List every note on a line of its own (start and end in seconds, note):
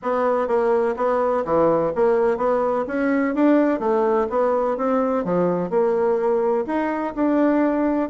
0.02 0.47 B3
0.47 0.95 A#3
0.96 1.44 B3
1.45 1.92 E3
1.95 2.37 A#3
2.37 2.84 B3
2.87 3.34 C#4
3.34 3.79 D4
3.79 4.27 A3
4.29 4.77 B3
4.77 5.24 C4
5.24 5.69 F3
5.69 6.65 A#3
6.66 7.14 D#4
7.15 8.09 D4